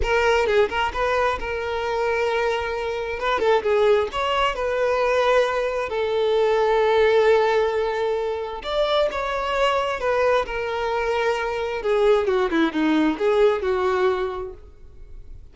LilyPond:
\new Staff \with { instrumentName = "violin" } { \time 4/4 \tempo 4 = 132 ais'4 gis'8 ais'8 b'4 ais'4~ | ais'2. b'8 a'8 | gis'4 cis''4 b'2~ | b'4 a'2.~ |
a'2. d''4 | cis''2 b'4 ais'4~ | ais'2 gis'4 fis'8 e'8 | dis'4 gis'4 fis'2 | }